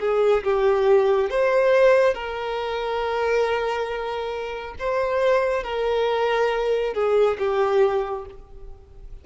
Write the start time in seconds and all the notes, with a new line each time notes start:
0.00 G#4
0.44 G4
1.30 C5
2.14 A#4
4.79 C5
5.64 A#4
6.94 G#4
7.39 G4